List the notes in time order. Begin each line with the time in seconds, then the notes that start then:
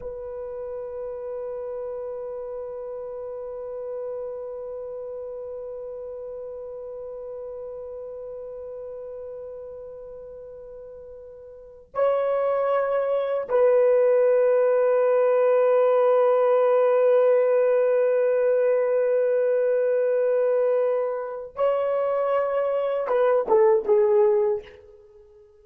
0.00 B4
11.94 C#5
13.49 B4
21.55 C#5
23.07 B4
23.48 A4
23.85 G#4